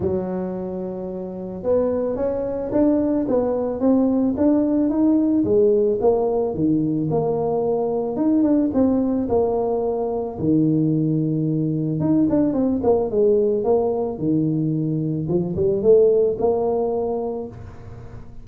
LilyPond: \new Staff \with { instrumentName = "tuba" } { \time 4/4 \tempo 4 = 110 fis2. b4 | cis'4 d'4 b4 c'4 | d'4 dis'4 gis4 ais4 | dis4 ais2 dis'8 d'8 |
c'4 ais2 dis4~ | dis2 dis'8 d'8 c'8 ais8 | gis4 ais4 dis2 | f8 g8 a4 ais2 | }